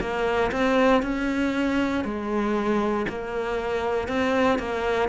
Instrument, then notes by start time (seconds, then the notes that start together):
cello
0.00 A#3
0.51 C4
1.03 C#4
2.04 G#3
3.09 A#3
4.08 C4
4.59 A#3